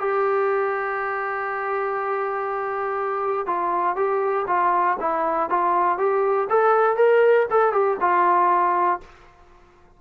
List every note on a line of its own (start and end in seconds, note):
0.00 3.47 G4
3.47 3.96 F4
3.96 4.46 G4
4.47 4.97 F4
5.00 5.50 E4
5.50 5.98 F4
5.98 6.48 G4
6.50 6.97 A4
6.97 7.47 A#4
7.50 7.72 A4
7.72 7.97 G4
8.00 9.00 F4